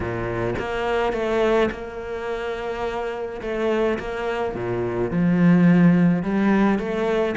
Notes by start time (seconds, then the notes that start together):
0.00 A#2
0.58 A#3
1.12 A3
1.71 A#3
3.41 A3
3.98 A#3
4.54 A#2
5.10 F3
6.23 G3
6.78 A3